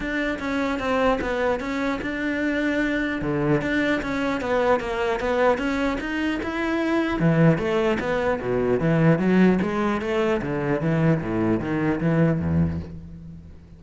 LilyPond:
\new Staff \with { instrumentName = "cello" } { \time 4/4 \tempo 4 = 150 d'4 cis'4 c'4 b4 | cis'4 d'2. | d4 d'4 cis'4 b4 | ais4 b4 cis'4 dis'4 |
e'2 e4 a4 | b4 b,4 e4 fis4 | gis4 a4 d4 e4 | a,4 dis4 e4 e,4 | }